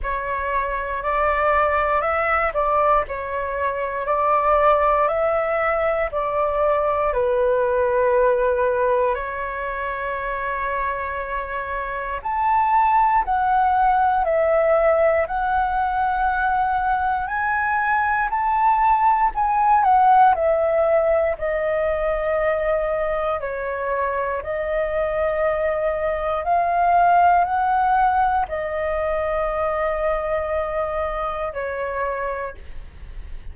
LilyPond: \new Staff \with { instrumentName = "flute" } { \time 4/4 \tempo 4 = 59 cis''4 d''4 e''8 d''8 cis''4 | d''4 e''4 d''4 b'4~ | b'4 cis''2. | a''4 fis''4 e''4 fis''4~ |
fis''4 gis''4 a''4 gis''8 fis''8 | e''4 dis''2 cis''4 | dis''2 f''4 fis''4 | dis''2. cis''4 | }